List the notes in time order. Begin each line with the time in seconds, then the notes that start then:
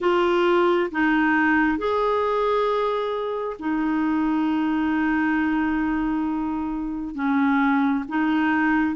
0.00 F4
0.91 D#4
1.77 G#4
3.59 D#4
7.14 C#4
8.08 D#4